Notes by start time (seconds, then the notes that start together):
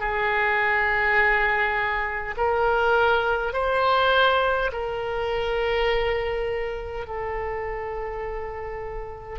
0.00 G#4
2.37 A#4
3.53 C5
4.73 A#4
7.07 A4